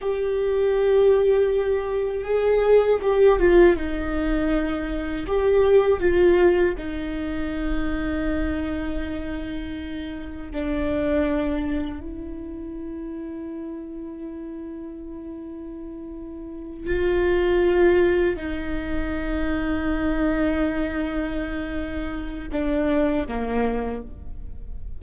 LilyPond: \new Staff \with { instrumentName = "viola" } { \time 4/4 \tempo 4 = 80 g'2. gis'4 | g'8 f'8 dis'2 g'4 | f'4 dis'2.~ | dis'2 d'2 |
e'1~ | e'2~ e'8 f'4.~ | f'8 dis'2.~ dis'8~ | dis'2 d'4 ais4 | }